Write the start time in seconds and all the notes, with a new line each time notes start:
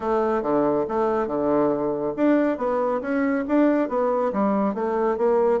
0.00 A3
0.42 D3
0.88 A3
1.27 D3
2.16 D4
2.57 B3
3.01 C#4
3.47 D4
3.88 B3
4.32 G3
4.74 A3
5.17 A#3